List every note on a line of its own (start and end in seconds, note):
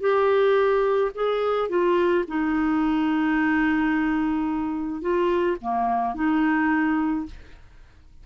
0.00 1.11 G4
1.14 1.69 G#4
1.69 2.24 F4
2.28 5.01 D#4
5.01 5.57 F4
5.61 6.14 A#3
6.14 7.26 D#4